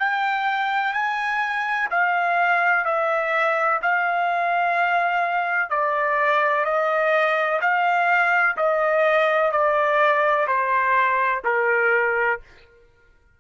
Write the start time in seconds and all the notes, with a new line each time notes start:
0.00 G5
0.94 G#5
1.90 F5
2.85 E5
3.82 F5
5.70 D5
6.65 D#5
7.61 F5
8.57 D#5
9.52 D5
10.47 C5
11.45 A#4